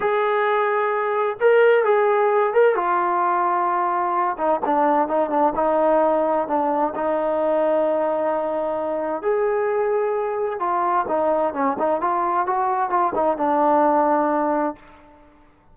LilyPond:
\new Staff \with { instrumentName = "trombone" } { \time 4/4 \tempo 4 = 130 gis'2. ais'4 | gis'4. ais'8 f'2~ | f'4. dis'8 d'4 dis'8 d'8 | dis'2 d'4 dis'4~ |
dis'1 | gis'2. f'4 | dis'4 cis'8 dis'8 f'4 fis'4 | f'8 dis'8 d'2. | }